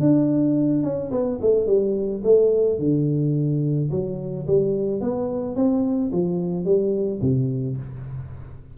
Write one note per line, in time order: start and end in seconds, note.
0.00 0.83 D4
0.83 1.11 C#4
1.11 1.39 B3
1.41 1.67 A3
1.67 2.22 G3
2.23 2.79 A3
2.79 3.90 D3
3.91 4.46 F#3
4.47 5.01 G3
5.01 5.56 B3
5.56 6.11 C4
6.12 6.65 F3
6.65 7.20 G3
7.21 7.77 C3